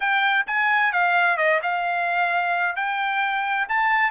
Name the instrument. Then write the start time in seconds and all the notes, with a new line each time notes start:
trumpet
0.00 G5
0.46 G#5
0.92 F5
1.37 D#5
1.62 F5
2.76 G5
3.68 A5